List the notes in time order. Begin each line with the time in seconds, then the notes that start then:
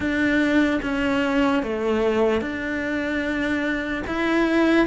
0.00 D4
0.82 C#4
1.63 A3
2.41 D4
4.07 E4